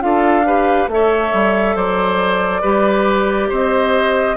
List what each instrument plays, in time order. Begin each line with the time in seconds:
0.00 bassoon D4, clarinet F4, oboe A4, flute F5
0.46 clarinet G4, oboe B4
0.88 bassoon A3, clarinet A4, flute E5
0.94 oboe C#5
1.33 bassoon G3
1.76 bassoon F#3, oboe C5, flute D5
2.62 bassoon G3, clarinet G4, oboe B4
3.49 bassoon C4, oboe C5, flute D#5